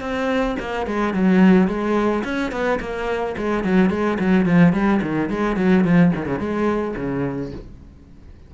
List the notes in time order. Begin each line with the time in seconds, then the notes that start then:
0.00 C4
0.59 A#3
0.86 G#3
1.13 F#3
1.67 G#3
2.23 C#4
2.51 B3
2.80 A#3
3.37 G#3
3.64 F#3
3.90 G#3
4.19 F#3
4.45 F3
4.72 G3
5.02 D#3
5.29 G#3
5.56 F#3
5.84 F3
6.15 D#3
6.26 C#3
6.39 G#3
6.96 C#3